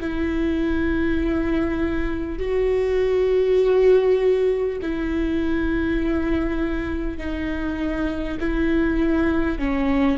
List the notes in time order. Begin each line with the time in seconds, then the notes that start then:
0.00 E4
2.39 F#4
4.82 E4
7.18 D#4
8.39 E4
9.59 C#4